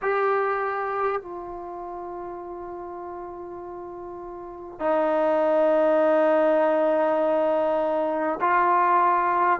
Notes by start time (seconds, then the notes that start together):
0.01 G4
1.21 F4
4.79 D#4
8.40 F4